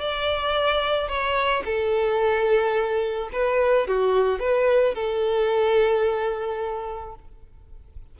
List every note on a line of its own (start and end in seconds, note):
0.00 1.08 D5
1.08 1.63 C#5
1.65 3.30 A4
3.33 3.87 B4
3.87 4.40 F#4
4.40 4.95 B4
4.95 7.15 A4